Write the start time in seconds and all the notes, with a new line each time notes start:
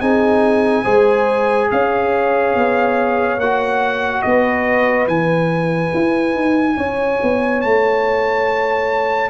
0.00 C4 D#4 G#4 G#5
0.83 G#3 G#4 C5
1.71 C#4 C#5 F5
2.55 B3
3.38 A#3 F#4 F#5
4.22 B3 B4 D#5
5.07 E3 E4 G#5
5.94 E4
6.34 D#4
6.77 C#4 C#5
7.22 B3
7.61 A3 A5